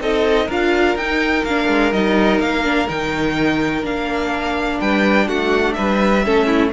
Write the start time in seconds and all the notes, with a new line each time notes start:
0.00 C4 D#4 A4 D#5
0.46 D4 F4 A#4 F5
0.96 D#4 G5
1.45 A#3 D4 F5
1.69 G#3
1.93 G3 D#4 D#5
2.40 A#3 F5
2.64 D4
2.89 D#3 D#4 G5
3.83 A#3 D4 F5
4.81 G3 B4 G5
5.28 A3 F#4 F#5
5.74 G3 B4 E5
6.26 A3 C#4 A4
6.47 E4